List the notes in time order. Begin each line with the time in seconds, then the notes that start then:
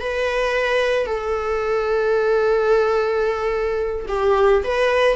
0.00 B4
1.06 A4
4.08 G4
4.64 B4